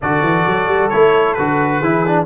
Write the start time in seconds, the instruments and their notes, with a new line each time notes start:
0.01 tuba D3, trombone F#4, horn A4, trumpet D5
0.22 tuba E3
0.46 tuba F#3
0.67 tuba G3
0.89 tuba A3, trombone E4, trumpet C#5
1.33 tuba D3, trombone F#4, trumpet B4
1.79 tuba E3, trombone E4, horn G#4
2.06 trombone D4